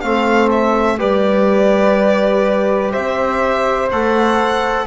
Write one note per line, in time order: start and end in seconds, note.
0.00 0.99 A3
0.00 0.98 C4
0.00 0.98 A4
0.00 0.48 F5
0.51 0.99 E5
0.98 2.93 G3
0.98 3.88 G4
0.98 2.91 B4
0.98 2.92 D5
2.91 3.91 C4
2.91 4.85 C5
2.91 3.89 E5
3.91 4.87 A3
3.91 4.87 A4
3.91 4.87 F#5